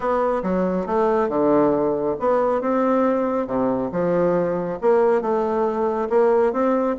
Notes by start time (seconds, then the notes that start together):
0.00 B3
0.42 F#3
0.86 A3
1.28 D3
2.19 B3
2.61 C4
3.46 C3
3.92 F3
4.81 A#3
5.21 A3
6.09 A#3
6.52 C4